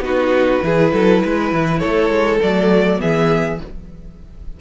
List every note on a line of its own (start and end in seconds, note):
0.00 0.59 B3
0.00 0.62 D#4
0.00 0.64 F#4
0.00 1.79 B4
0.62 0.93 E3
0.62 2.41 E4
0.62 0.93 G#4
0.93 1.23 F#3
0.93 1.23 A4
1.24 1.53 G#3
1.24 1.80 B4
1.53 1.82 E3
1.79 2.10 A3
1.79 2.99 A4
1.79 2.38 C#5
2.10 2.39 G#3
2.42 3.01 F#3
2.42 2.97 A3
2.42 3.01 D5
2.97 3.60 E3
2.97 3.57 B3
2.97 3.60 G#4
2.97 3.61 E5